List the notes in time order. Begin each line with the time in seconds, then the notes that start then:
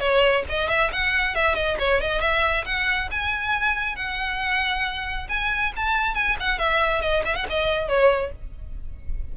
0.00 C#5
0.49 D#5
0.69 E5
0.93 F#5
1.36 E5
1.55 D#5
1.80 C#5
2.02 D#5
2.21 E5
2.66 F#5
3.12 G#5
3.96 F#5
5.29 G#5
5.77 A5
6.15 G#5
6.40 F#5
6.59 E5
7.02 D#5
7.25 E5
7.36 F#5
7.50 D#5
7.89 C#5